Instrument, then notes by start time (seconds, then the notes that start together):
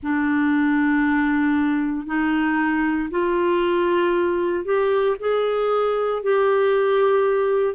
clarinet
0.02 D4
2.06 D#4
3.10 F4
4.65 G4
5.19 G#4
6.23 G4